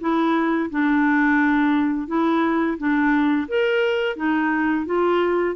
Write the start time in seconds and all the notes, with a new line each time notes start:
0.00 E4
0.70 D4
2.07 E4
2.77 D4
3.48 A#4
4.16 D#4
4.86 F4